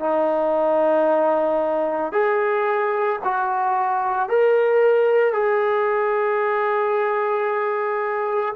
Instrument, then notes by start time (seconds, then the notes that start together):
trombone
0.00 D#4
2.12 G#4
3.24 F#4
4.29 A#4
5.33 G#4